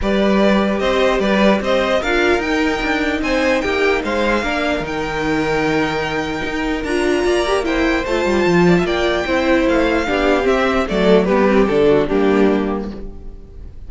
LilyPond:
<<
  \new Staff \with { instrumentName = "violin" } { \time 4/4 \tempo 4 = 149 d''2 dis''4 d''4 | dis''4 f''4 g''2 | gis''4 g''4 f''2 | g''1~ |
g''4 ais''2 g''4 | a''2 g''2 | f''2 e''4 d''4 | b'4 a'4 g'2 | }
  \new Staff \with { instrumentName = "violin" } { \time 4/4 b'2 c''4 b'4 | c''4 ais'2. | c''4 g'4 c''4 ais'4~ | ais'1~ |
ais'2 d''4 c''4~ | c''4. d''16 e''16 d''4 c''4~ | c''4 g'2 a'4 | g'4. fis'8 d'2 | }
  \new Staff \with { instrumentName = "viola" } { \time 4/4 g'1~ | g'4 f'4 dis'2~ | dis'2. d'4 | dis'1~ |
dis'4 f'4. g'8 e'4 | f'2. e'4~ | e'4 d'4 c'4 a4 | b8 c'8 d'4 ais2 | }
  \new Staff \with { instrumentName = "cello" } { \time 4/4 g2 c'4 g4 | c'4 d'4 dis'4 d'4 | c'4 ais4 gis4 ais4 | dis1 |
dis'4 d'4 ais2 | a8 g8 f4 ais4 c'4 | a4 b4 c'4 fis4 | g4 d4 g2 | }
>>